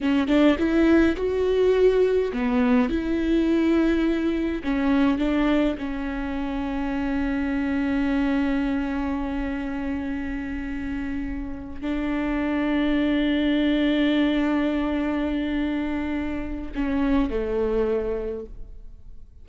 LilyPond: \new Staff \with { instrumentName = "viola" } { \time 4/4 \tempo 4 = 104 cis'8 d'8 e'4 fis'2 | b4 e'2. | cis'4 d'4 cis'2~ | cis'1~ |
cis'1~ | cis'8 d'2.~ d'8~ | d'1~ | d'4 cis'4 a2 | }